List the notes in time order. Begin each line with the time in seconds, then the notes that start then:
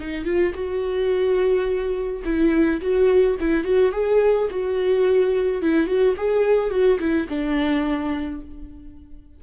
0.00 D#4
0.25 F4
0.55 F#4
2.25 E4
2.81 F#4
3.40 E4
3.64 F#4
3.93 G#4
4.51 F#4
5.62 E4
5.87 F#4
6.17 G#4
6.71 F#4
6.99 E4
7.29 D4